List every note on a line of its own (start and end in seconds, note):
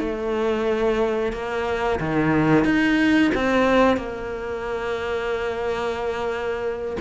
0.00 1.33 A3
1.33 2.00 A#3
2.00 2.65 D#3
2.65 3.32 D#4
3.35 3.97 C4
3.97 6.97 A#3